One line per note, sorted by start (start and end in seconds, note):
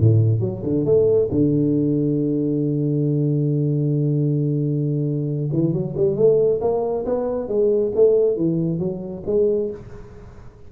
0.00 0.41 A2
0.41 0.63 F#3
0.63 0.85 D3
0.85 1.29 A3
1.31 5.50 D3
5.53 5.73 E3
5.73 5.95 F#3
5.97 6.16 G3
6.16 6.60 A3
6.61 7.05 A#3
7.06 7.48 B3
7.48 7.92 G#3
7.95 8.37 A3
8.37 8.79 E3
8.79 9.23 F#3
9.26 9.71 G#3